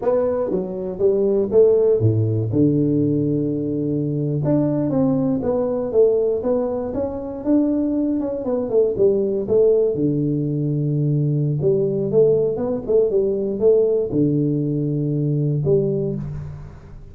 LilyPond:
\new Staff \with { instrumentName = "tuba" } { \time 4/4 \tempo 4 = 119 b4 fis4 g4 a4 | a,4 d2.~ | d8. d'4 c'4 b4 a16~ | a8. b4 cis'4 d'4~ d'16~ |
d'16 cis'8 b8 a8 g4 a4 d16~ | d2. g4 | a4 b8 a8 g4 a4 | d2. g4 | }